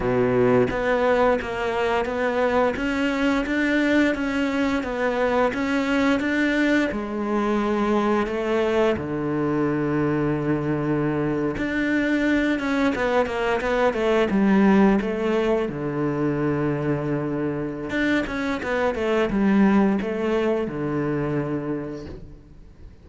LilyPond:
\new Staff \with { instrumentName = "cello" } { \time 4/4 \tempo 4 = 87 b,4 b4 ais4 b4 | cis'4 d'4 cis'4 b4 | cis'4 d'4 gis2 | a4 d2.~ |
d8. d'4. cis'8 b8 ais8 b16~ | b16 a8 g4 a4 d4~ d16~ | d2 d'8 cis'8 b8 a8 | g4 a4 d2 | }